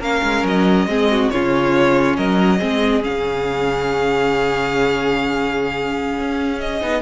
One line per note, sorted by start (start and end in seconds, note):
0.00 0.22 A#3
0.00 0.89 C#4
0.00 0.87 A#4
0.00 0.46 F5
0.23 0.44 G#3
0.44 0.86 F#3
0.44 1.30 D#5
0.86 1.29 G#3
0.86 1.32 C4
0.86 1.12 G#4
1.12 1.33 F#4
1.30 2.18 C#3
1.30 2.60 C#4
1.30 2.18 F4
1.30 2.16 C#5
2.17 2.61 F#3
2.17 2.58 A#4
2.17 3.03 D#5
2.58 3.05 G#3
2.58 3.02 C4
2.58 7.01 G#4
3.02 6.20 C#3
3.02 6.80 C#4
3.02 6.60 F5
6.20 6.82 C#4
6.60 7.02 D#5
6.81 7.02 B3
6.81 7.02 D#4